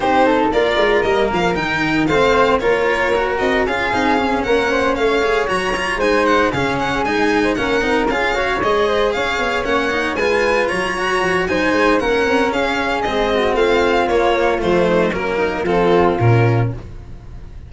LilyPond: <<
  \new Staff \with { instrumentName = "violin" } { \time 4/4 \tempo 4 = 115 c''4 d''4 dis''8 f''8 g''4 | f''4 cis''4. dis''8 f''4~ | f''8 fis''4 f''4 ais''4 gis''8 | fis''8 f''8 fis''8 gis''4 fis''4 f''8~ |
f''8 dis''4 f''4 fis''4 gis''8~ | gis''8 ais''4. gis''4 fis''4 | f''4 dis''4 f''4 cis''4 | c''4 ais'4 a'4 ais'4 | }
  \new Staff \with { instrumentName = "flute" } { \time 4/4 g'8 a'8 ais'2. | c''4 ais'2 gis'4~ | gis'8 ais'8 c''8 cis''2 c''8~ | c''8 gis'4.~ gis'16 c''16 ais'4 gis'8 |
cis''4 c''8 cis''2 b'8~ | b'8 cis''4. c''4 ais'4 | gis'4. fis'8 f'2~ | f'8 dis'8 cis'8 dis'8 f'2 | }
  \new Staff \with { instrumentName = "cello" } { \time 4/4 dis'4 f'4 ais4 dis'4 | c'4 f'4 fis'4 f'8 dis'8 | cis'2 gis'8 fis'8 f'8 dis'8~ | dis'8 cis'4 dis'4 cis'8 dis'8 f'8 |
fis'8 gis'2 cis'8 dis'8 f'8~ | f'4 fis'4 dis'4 cis'4~ | cis'4 c'2 ais4 | a4 ais4 c'4 cis'4 | }
  \new Staff \with { instrumentName = "tuba" } { \time 4/4 c'4 ais8 gis8 g8 f8 dis4 | a4 ais4. c'8 cis'8 c'8~ | c'8 ais4 a4 fis4 gis8~ | gis8 cis4 gis4 ais8 c'8 cis'8~ |
cis'8 gis4 cis'8 b8 ais4 gis8~ | gis8 fis4 f8 fis8 gis8 ais8 c'8 | cis'4 gis4 a4 ais4 | f4 fis4 f4 ais,4 | }
>>